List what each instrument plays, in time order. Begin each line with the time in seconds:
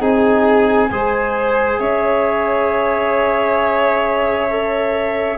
0.00 tuba C4, trombone D#4, violin G#4, flute G#5
0.91 tuba G#3, trombone G#4, violin C5
1.80 tuba C#4, violin C#5, flute E5
4.50 trombone A4